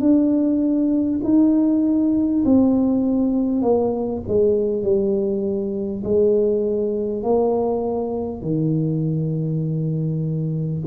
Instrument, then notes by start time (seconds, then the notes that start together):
tuba
0.00 D4
1.24 D#4
2.45 C4
3.62 A#3
4.28 G#3
4.83 G3
6.03 G#3
7.23 A#3
8.42 D#3